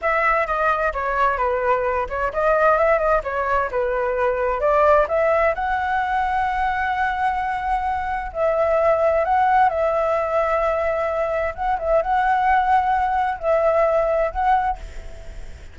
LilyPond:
\new Staff \with { instrumentName = "flute" } { \time 4/4 \tempo 4 = 130 e''4 dis''4 cis''4 b'4~ | b'8 cis''8 dis''4 e''8 dis''8 cis''4 | b'2 d''4 e''4 | fis''1~ |
fis''2 e''2 | fis''4 e''2.~ | e''4 fis''8 e''8 fis''2~ | fis''4 e''2 fis''4 | }